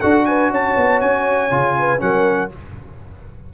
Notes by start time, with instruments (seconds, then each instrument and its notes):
0.00 tuba D4, trombone F#4, horn A4, trumpet F#5
0.25 horn B4, trumpet G#5
0.51 tuba C#4, horn C#5, trumpet A5
0.77 tuba B3
1.01 tuba C#4, trumpet G#5
1.51 tuba C#3, trombone F4
1.79 horn B4
1.99 tuba F#3, trombone C#4, horn A#4, trumpet F#5